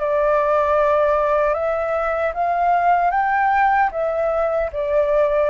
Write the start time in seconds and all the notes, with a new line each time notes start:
0.00 D5
1.54 E5
2.34 F5
3.11 G5
3.92 E5
4.73 D5